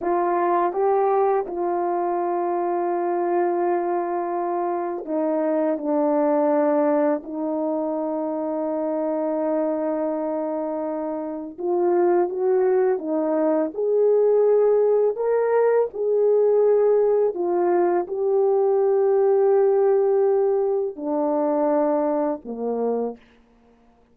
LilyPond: \new Staff \with { instrumentName = "horn" } { \time 4/4 \tempo 4 = 83 f'4 g'4 f'2~ | f'2. dis'4 | d'2 dis'2~ | dis'1 |
f'4 fis'4 dis'4 gis'4~ | gis'4 ais'4 gis'2 | f'4 g'2.~ | g'4 d'2 ais4 | }